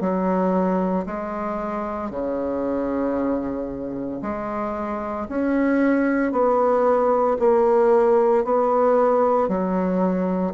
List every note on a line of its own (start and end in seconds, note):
0.00 1.05 F#3
1.06 2.11 G#3
2.11 4.21 C#3
4.22 5.27 G#3
5.29 6.32 C#4
6.32 7.37 B3
7.39 8.44 A#3
8.44 9.48 B3
9.48 10.54 F#3